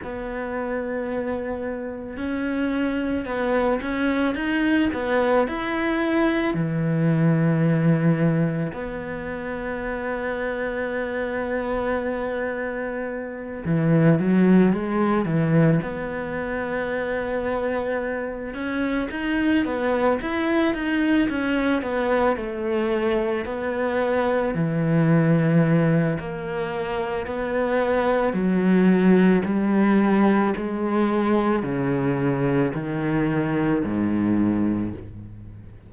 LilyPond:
\new Staff \with { instrumentName = "cello" } { \time 4/4 \tempo 4 = 55 b2 cis'4 b8 cis'8 | dis'8 b8 e'4 e2 | b1~ | b8 e8 fis8 gis8 e8 b4.~ |
b4 cis'8 dis'8 b8 e'8 dis'8 cis'8 | b8 a4 b4 e4. | ais4 b4 fis4 g4 | gis4 cis4 dis4 gis,4 | }